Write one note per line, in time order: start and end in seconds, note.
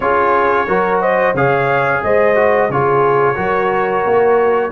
0.00 0.67 C#4
0.00 0.67 F4
0.00 0.67 G#4
0.00 1.00 C#5
0.67 1.34 F#3
0.67 1.34 F#4
0.67 1.01 A#4
1.01 1.34 C5
1.01 1.34 D#5
1.34 2.01 C#3
1.34 2.35 G#4
1.34 2.01 C#5
1.34 2.03 F5
2.03 2.69 G#3
2.03 2.71 C5
2.03 2.71 D#5
2.35 2.68 F#4
2.69 3.37 C#3
2.69 3.35 F4
2.69 3.34 G#4
2.69 4.71 C#5
3.34 4.04 F#3
3.34 4.70 F#4
3.34 4.69 A#4
4.05 4.71 A#3